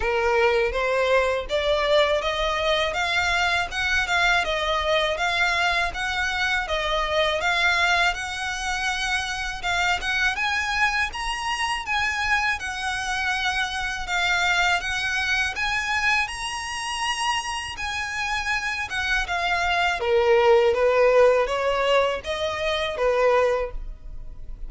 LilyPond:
\new Staff \with { instrumentName = "violin" } { \time 4/4 \tempo 4 = 81 ais'4 c''4 d''4 dis''4 | f''4 fis''8 f''8 dis''4 f''4 | fis''4 dis''4 f''4 fis''4~ | fis''4 f''8 fis''8 gis''4 ais''4 |
gis''4 fis''2 f''4 | fis''4 gis''4 ais''2 | gis''4. fis''8 f''4 ais'4 | b'4 cis''4 dis''4 b'4 | }